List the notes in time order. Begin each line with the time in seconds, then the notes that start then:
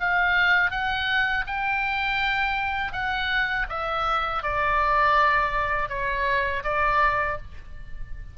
0.00 F5
0.71 F#5
1.46 G5
2.92 F#5
3.69 E5
4.43 D5
5.89 C#5
6.63 D5